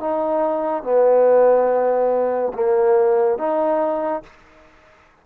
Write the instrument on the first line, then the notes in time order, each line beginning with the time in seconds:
trombone
0.00 D#4
0.83 B3
2.54 A#3
3.38 D#4